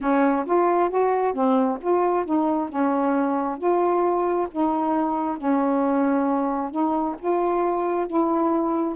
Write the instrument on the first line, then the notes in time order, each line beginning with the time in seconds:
saxophone
0.00 C#4
0.46 F4
0.90 F#4
1.34 C4
1.80 F4
2.25 D#4
2.69 C#4
3.58 F4
4.51 D#4
5.37 C#4
6.70 D#4
7.18 F4
8.06 E4